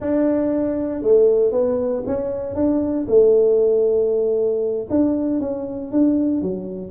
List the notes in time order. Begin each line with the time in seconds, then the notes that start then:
0.00 D4
1.02 A3
1.51 B3
2.06 C#4
2.55 D4
3.08 A3
4.90 D4
5.40 C#4
5.91 D4
6.41 F#3